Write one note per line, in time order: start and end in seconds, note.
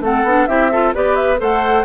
0.00 0.23 A3
0.00 0.26 C4
0.00 0.48 A4
0.00 0.46 F#5
0.23 0.46 B3
0.23 0.48 D4
0.46 0.94 C4
0.46 0.71 E4
0.46 0.71 G4
0.46 0.92 E5
0.71 0.94 F4
0.71 0.94 A4
0.94 1.41 B3
0.94 1.37 G4
0.94 1.40 B4
0.94 1.15 D5
1.15 1.38 E5
1.37 1.85 A3
1.37 1.83 A4
1.37 1.85 C5
1.37 1.85 F#5